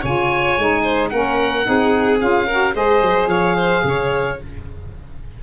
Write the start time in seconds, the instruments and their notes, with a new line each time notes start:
0.00 tuba C#3, saxophone F4, violin C#5, oboe G#5
0.59 tuba G#3, saxophone D#4
0.83 violin C5
1.10 tuba A#3, saxophone C#4, violin A#4, oboe F#5
1.64 tuba C4, saxophone D#4, violin G#4
2.20 tuba C#4, saxophone F4, oboe F5
2.47 saxophone F#4, violin A#4
2.74 tuba G#3, saxophone G#4, violin C5, oboe D#5
3.02 tuba F#3
3.27 tuba F3, violin C#5, oboe F5
3.57 violin C5
3.84 tuba C#3, violin C#5